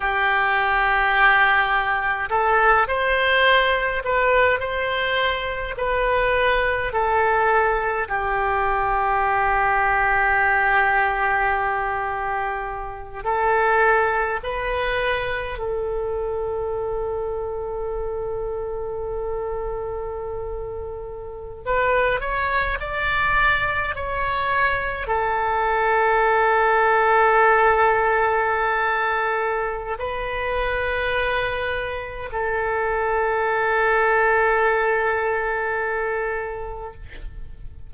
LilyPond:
\new Staff \with { instrumentName = "oboe" } { \time 4/4 \tempo 4 = 52 g'2 a'8 c''4 b'8 | c''4 b'4 a'4 g'4~ | g'2.~ g'8 a'8~ | a'8 b'4 a'2~ a'8~ |
a'2~ a'8. b'8 cis''8 d''16~ | d''8. cis''4 a'2~ a'16~ | a'2 b'2 | a'1 | }